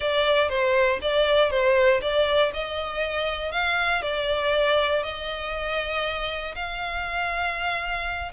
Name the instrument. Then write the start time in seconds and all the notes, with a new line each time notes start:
violin
0.00 D5
0.49 C5
1.01 D5
1.50 C5
2.01 D5
2.53 D#5
3.51 F5
4.02 D5
5.03 D#5
6.55 F5